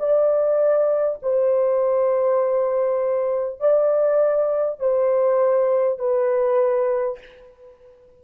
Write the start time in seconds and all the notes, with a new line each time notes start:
0.00 D5
1.23 C5
3.61 D5
4.79 C5
5.99 B4